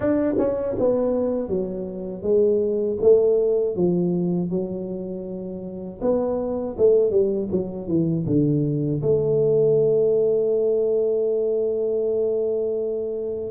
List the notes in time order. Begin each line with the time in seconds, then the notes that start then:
0.00 D4
0.38 C#4
0.78 B3
1.48 F#3
2.22 G#3
3.01 A3
3.75 F3
4.50 F#3
6.01 B3
6.77 A3
7.10 G3
7.51 F#3
7.88 E3
8.26 D3
9.02 A3